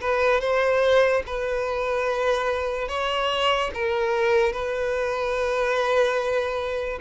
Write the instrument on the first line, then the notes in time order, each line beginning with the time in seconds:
violin
0.00 B4
0.40 C5
1.26 B4
2.88 C#5
3.74 A#4
4.52 B4